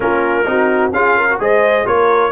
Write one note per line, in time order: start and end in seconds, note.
0.00 0.46 A#3
0.00 0.44 C#4
0.00 0.48 F4
0.00 0.92 A#4
0.45 0.91 C4
0.45 0.92 D#4
0.45 0.94 F#4
0.91 1.38 C#4
0.91 1.29 F4
0.91 1.16 G#4
0.91 1.39 F5
1.16 1.40 A#4
1.30 1.40 F#4
1.39 1.86 G#3
1.39 1.85 G#4
1.39 1.88 C5
1.39 1.86 D#5
1.85 2.31 A#3
1.85 2.31 F4
1.85 2.31 A#4
1.85 2.31 C#5